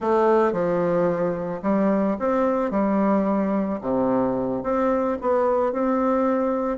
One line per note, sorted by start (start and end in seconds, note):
0.00 0.52 A3
0.52 1.61 F3
1.62 2.17 G3
2.19 2.70 C4
2.70 3.80 G3
3.81 4.63 C3
4.63 5.17 C4
5.21 5.72 B3
5.72 6.78 C4